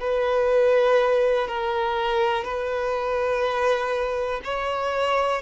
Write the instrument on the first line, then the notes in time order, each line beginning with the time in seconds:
violin
0.00 B4
1.48 A#4
2.44 B4
4.44 C#5